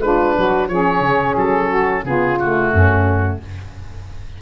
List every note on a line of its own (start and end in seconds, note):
0.00 0.34 G#3
0.00 0.68 D4
0.00 0.35 F4
0.00 0.68 B4
0.36 0.68 F#3
0.36 0.70 F#4
0.68 1.00 F3
0.68 2.04 C#4
0.68 1.68 G#4
0.68 1.35 C#5
1.00 1.33 C#3
1.36 2.03 F#3
1.36 2.04 A4
1.68 2.02 F#4
2.03 2.70 C#3
2.03 2.37 B3
2.03 2.72 F4
2.03 2.38 G#4
2.38 3.41 A3
2.38 3.40 F#4
2.72 3.40 F#2
2.72 3.39 C#4